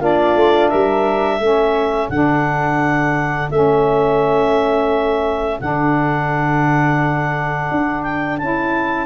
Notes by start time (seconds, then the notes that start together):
0.00 A#3 D4 F4 D5
0.36 A3
0.69 G3 A#4 E5
1.37 A3 C#4 A4
2.10 D3 D4 F#5
3.51 A3 C#4 E5
5.61 D3 D4 F#5
7.71 D4
8.03 G5
8.38 C#4 E4 A5